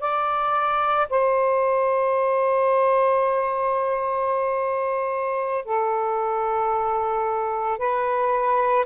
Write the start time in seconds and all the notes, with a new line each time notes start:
0.00 D5
1.10 C5
5.64 A4
7.78 B4